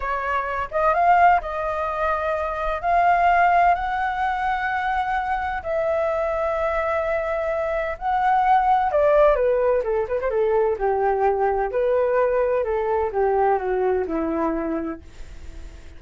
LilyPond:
\new Staff \with { instrumentName = "flute" } { \time 4/4 \tempo 4 = 128 cis''4. dis''8 f''4 dis''4~ | dis''2 f''2 | fis''1 | e''1~ |
e''4 fis''2 d''4 | b'4 a'8 b'16 c''16 a'4 g'4~ | g'4 b'2 a'4 | g'4 fis'4 e'2 | }